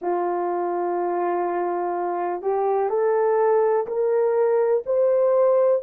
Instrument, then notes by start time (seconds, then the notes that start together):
horn
0.01 F4
2.42 G4
2.89 A4
3.86 A#4
4.86 C5